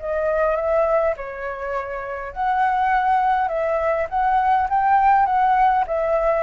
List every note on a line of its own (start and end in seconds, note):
0.00 0.56 D#5
0.56 1.15 E5
1.17 2.33 C#5
2.33 3.48 F#5
3.48 4.07 E5
4.09 4.68 F#5
4.70 5.26 G5
5.26 5.85 F#5
5.87 6.43 E5